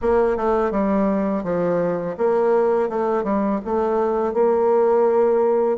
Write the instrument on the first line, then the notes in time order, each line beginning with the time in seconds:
bassoon
0.01 A#3
0.36 A3
0.71 G3
1.43 F3
2.17 A#3
2.89 A3
3.23 G3
3.64 A3
4.33 A#3